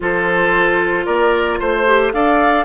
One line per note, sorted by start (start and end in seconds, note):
0.00 1.06 F3
0.00 1.86 F4
0.00 1.05 A4
0.00 1.05 C5
1.05 1.60 A#3
1.05 1.58 A#4
1.05 1.58 D5
1.59 2.13 A3
1.59 2.12 C5
1.86 2.13 G4
2.12 2.64 D4
2.12 2.64 A4
2.12 2.64 D5
2.12 2.64 F5